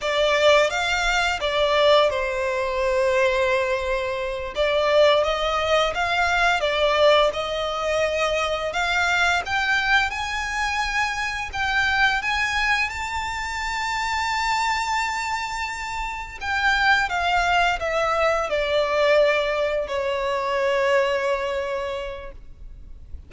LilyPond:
\new Staff \with { instrumentName = "violin" } { \time 4/4 \tempo 4 = 86 d''4 f''4 d''4 c''4~ | c''2~ c''8 d''4 dis''8~ | dis''8 f''4 d''4 dis''4.~ | dis''8 f''4 g''4 gis''4.~ |
gis''8 g''4 gis''4 a''4.~ | a''2.~ a''8 g''8~ | g''8 f''4 e''4 d''4.~ | d''8 cis''2.~ cis''8 | }